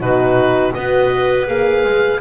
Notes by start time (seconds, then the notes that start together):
0.00 B2 D#4 F#4 B4
0.73 B3 F#4 B4 D#5
1.47 A#3 G#4 F5
1.85 G#3